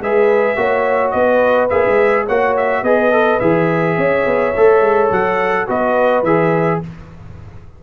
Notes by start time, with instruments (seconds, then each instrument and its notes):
0.00 tuba G#3, trombone G#4, horn B4, trumpet E5
0.56 tuba A#3, trombone F#4, horn C#5
1.11 tuba B3, horn B4, trumpet D#5
1.69 tuba A#3, trombone G#4, trumpet E5
1.86 tuba G#3
2.25 tuba A#3, trombone F#4, horn C#5, trumpet F#5
2.56 trumpet E5
2.82 tuba B3, trombone G#4, horn B4, trumpet D#5
3.11 trombone A4
3.40 tuba E3, trombone G#4, trumpet E5
3.97 tuba C#4, horn C#5
4.25 tuba B3
4.56 tuba A3, trombone A4
4.80 tuba G#3
5.11 tuba F#3, trumpet F#5
5.66 tuba B3, trombone F#4, horn B4, trumpet D#5
6.23 tuba E3, trombone G#4, trumpet E5